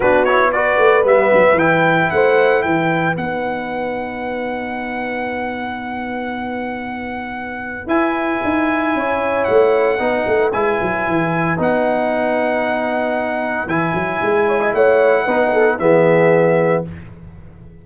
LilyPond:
<<
  \new Staff \with { instrumentName = "trumpet" } { \time 4/4 \tempo 4 = 114 b'8 cis''8 d''4 e''4 g''4 | fis''4 g''4 fis''2~ | fis''1~ | fis''2. gis''4~ |
gis''2 fis''2 | gis''2 fis''2~ | fis''2 gis''2 | fis''2 e''2 | }
  \new Staff \with { instrumentName = "horn" } { \time 4/4 fis'4 b'2. | c''4 b'2.~ | b'1~ | b'1~ |
b'4 cis''2 b'4~ | b'1~ | b'2.~ b'8 cis''16 dis''16 | cis''4 b'8 a'8 gis'2 | }
  \new Staff \with { instrumentName = "trombone" } { \time 4/4 d'8 e'8 fis'4 b4 e'4~ | e'2 dis'2~ | dis'1~ | dis'2. e'4~ |
e'2. dis'4 | e'2 dis'2~ | dis'2 e'2~ | e'4 dis'4 b2 | }
  \new Staff \with { instrumentName = "tuba" } { \time 4/4 b4. a8 g8 fis8 e4 | a4 e4 b2~ | b1~ | b2. e'4 |
dis'4 cis'4 a4 b8 a8 | gis8 fis8 e4 b2~ | b2 e8 fis8 gis4 | a4 b4 e2 | }
>>